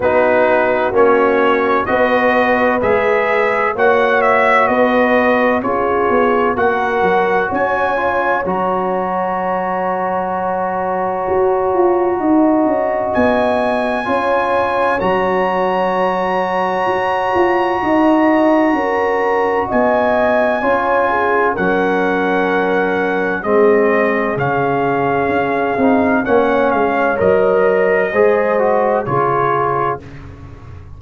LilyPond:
<<
  \new Staff \with { instrumentName = "trumpet" } { \time 4/4 \tempo 4 = 64 b'4 cis''4 dis''4 e''4 | fis''8 e''8 dis''4 cis''4 fis''4 | gis''4 ais''2.~ | ais''2 gis''2 |
ais''1~ | ais''4 gis''2 fis''4~ | fis''4 dis''4 f''2 | fis''8 f''8 dis''2 cis''4 | }
  \new Staff \with { instrumentName = "horn" } { \time 4/4 fis'2 b'2 | cis''4 b'4 gis'4 ais'4 | cis''1~ | cis''4 dis''2 cis''4~ |
cis''2. dis''4 | ais'4 dis''4 cis''8 gis'8 ais'4~ | ais'4 gis'2. | cis''2 c''4 gis'4 | }
  \new Staff \with { instrumentName = "trombone" } { \time 4/4 dis'4 cis'4 fis'4 gis'4 | fis'2 f'4 fis'4~ | fis'8 f'8 fis'2.~ | fis'2. f'4 |
fis'1~ | fis'2 f'4 cis'4~ | cis'4 c'4 cis'4. dis'8 | cis'4 ais'4 gis'8 fis'8 f'4 | }
  \new Staff \with { instrumentName = "tuba" } { \time 4/4 b4 ais4 b4 gis4 | ais4 b4 cis'8 b8 ais8 fis8 | cis'4 fis2. | fis'8 f'8 dis'8 cis'8 b4 cis'4 |
fis2 fis'8 f'8 dis'4 | cis'4 b4 cis'4 fis4~ | fis4 gis4 cis4 cis'8 c'8 | ais8 gis8 fis4 gis4 cis4 | }
>>